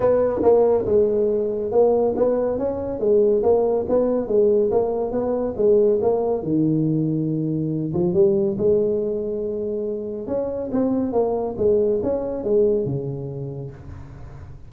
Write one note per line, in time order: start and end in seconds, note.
0.00 0.41 B3
0.42 0.85 A#3
0.85 1.71 G#3
1.71 2.14 A#3
2.16 2.58 B3
2.58 2.99 C#4
2.99 3.42 G#3
3.42 3.85 A#3
3.88 4.27 B3
4.27 4.70 G#3
4.71 5.11 A#3
5.11 5.54 B3
5.56 5.99 G#3
6.01 6.42 A#3
6.42 7.92 D#3
7.93 8.13 F3
8.13 8.56 G3
8.58 10.27 G#3
10.27 10.70 C#4
10.72 11.12 C4
11.12 11.55 A#3
11.57 12.00 G#3
12.02 12.44 C#4
12.44 12.85 G#3
12.85 13.70 C#3